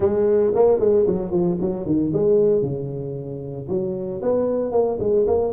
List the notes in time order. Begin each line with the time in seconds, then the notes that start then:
0.00 G#3
0.55 A#3
0.79 G#3
1.06 F#3
1.31 F3
1.61 F#3
1.86 D#3
2.13 G#3
2.61 C#3
3.68 F#3
4.22 B3
4.71 A#3
4.99 G#3
5.26 A#3